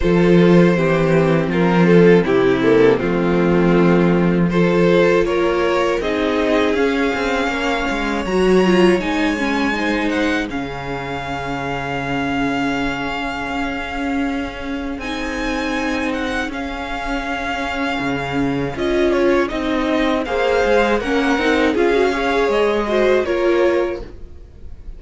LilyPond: <<
  \new Staff \with { instrumentName = "violin" } { \time 4/4 \tempo 4 = 80 c''2 ais'8 a'8 g'8 a'8 | f'2 c''4 cis''4 | dis''4 f''2 ais''4 | gis''4. fis''8 f''2~ |
f''1 | gis''4. fis''8 f''2~ | f''4 dis''8 cis''8 dis''4 f''4 | fis''4 f''4 dis''4 cis''4 | }
  \new Staff \with { instrumentName = "violin" } { \time 4/4 a'4 g'4 f'4 e'4 | c'2 a'4 ais'4 | gis'2 cis''2~ | cis''4 c''4 gis'2~ |
gis'1~ | gis'1~ | gis'2. c''4 | ais'4 gis'8 cis''4 c''8 ais'4 | }
  \new Staff \with { instrumentName = "viola" } { \time 4/4 f'4 c'2~ c'8 ais8 | a2 f'2 | dis'4 cis'2 fis'8 f'8 | dis'8 cis'8 dis'4 cis'2~ |
cis'1 | dis'2 cis'2~ | cis'4 f'4 dis'4 gis'4 | cis'8 dis'8 f'16 fis'16 gis'4 fis'8 f'4 | }
  \new Staff \with { instrumentName = "cello" } { \time 4/4 f4 e4 f4 c4 | f2. ais4 | c'4 cis'8 c'8 ais8 gis8 fis4 | gis2 cis2~ |
cis2 cis'2 | c'2 cis'2 | cis4 cis'4 c'4 ais8 gis8 | ais8 c'8 cis'4 gis4 ais4 | }
>>